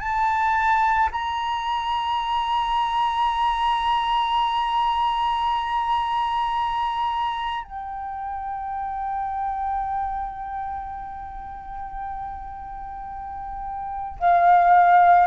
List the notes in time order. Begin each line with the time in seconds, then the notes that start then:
0.00 A5
1.12 A#5
7.64 G5
14.20 F5